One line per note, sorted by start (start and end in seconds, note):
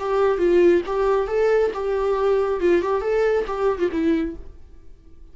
0.00 0.38 G4
0.38 0.82 F4
0.87 1.28 G4
1.28 1.72 A4
1.74 2.61 G4
2.61 2.82 F4
2.82 3.02 G4
3.02 3.46 A4
3.47 3.79 G4
3.79 3.90 F4
3.92 4.36 E4